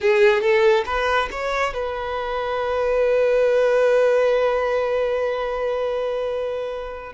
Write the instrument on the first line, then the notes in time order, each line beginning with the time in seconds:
violin
0.00 G#4
0.41 A4
0.85 B4
1.31 C#5
1.73 B4